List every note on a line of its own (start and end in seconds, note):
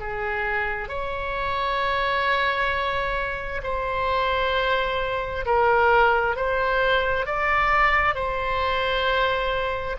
0.00 0.89 G#4
0.89 3.62 C#5
3.64 5.45 C5
5.46 6.36 A#4
6.36 7.27 C5
7.27 8.15 D5
8.15 9.97 C5